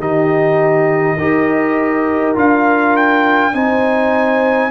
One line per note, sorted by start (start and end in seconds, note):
0.00 1.18 D#3
0.00 1.18 D#4
0.00 1.17 G4
0.00 2.37 D#5
1.17 2.36 D#4
1.17 2.35 G4
1.17 3.52 A#4
2.35 3.54 D4
2.35 3.53 F4
2.35 2.97 F5
2.97 3.55 G5
3.53 4.71 C4
3.53 4.71 D#4
3.53 4.71 C5
3.53 4.71 G#5